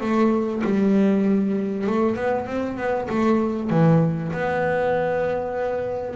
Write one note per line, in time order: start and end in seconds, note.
0.00 0.62 A3
0.64 1.86 G3
1.86 2.15 A3
2.15 2.46 B3
2.46 2.77 C4
2.77 3.08 B3
3.09 3.70 A3
3.70 4.32 E3
4.32 6.15 B3